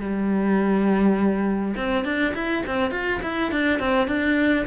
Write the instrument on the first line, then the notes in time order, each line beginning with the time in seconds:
cello
0.00 G3
1.76 C4
2.05 D4
2.34 E4
2.66 C4
2.91 F4
3.23 E4
3.51 D4
3.79 C4
4.07 D4